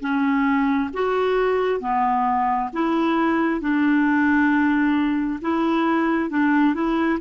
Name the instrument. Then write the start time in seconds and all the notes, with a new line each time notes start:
clarinet
0.00 C#4
0.93 F#4
1.80 B3
2.73 E4
3.60 D4
5.41 E4
6.29 D4
6.74 E4